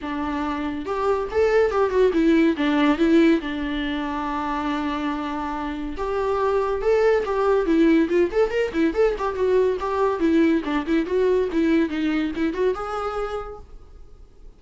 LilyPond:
\new Staff \with { instrumentName = "viola" } { \time 4/4 \tempo 4 = 141 d'2 g'4 a'4 | g'8 fis'8 e'4 d'4 e'4 | d'1~ | d'2 g'2 |
a'4 g'4 e'4 f'8 a'8 | ais'8 e'8 a'8 g'8 fis'4 g'4 | e'4 d'8 e'8 fis'4 e'4 | dis'4 e'8 fis'8 gis'2 | }